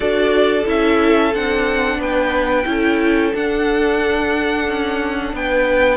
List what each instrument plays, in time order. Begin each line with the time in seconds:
0.00 cello D4, viola F#4, violin A4 D5
0.65 cello C#4, viola E4, violin E5
1.33 cello C4, viola D4, violin F#5
1.98 cello B3, violin B4 G5
2.65 cello C#4, viola E4, violin A4
3.34 viola D4, cello D4, violin F#5
4.68 cello C#4
5.33 cello B3, violin B4 G5